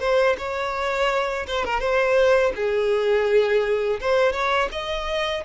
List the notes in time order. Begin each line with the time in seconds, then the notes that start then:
0.00 C5
0.38 C#5
1.48 C5
1.65 A#4
1.80 C5
2.56 G#4
4.01 C5
4.33 C#5
4.72 D#5